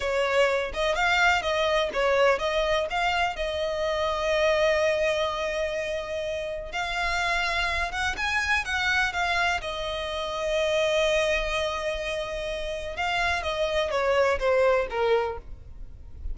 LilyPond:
\new Staff \with { instrumentName = "violin" } { \time 4/4 \tempo 4 = 125 cis''4. dis''8 f''4 dis''4 | cis''4 dis''4 f''4 dis''4~ | dis''1~ | dis''2 f''2~ |
f''8 fis''8 gis''4 fis''4 f''4 | dis''1~ | dis''2. f''4 | dis''4 cis''4 c''4 ais'4 | }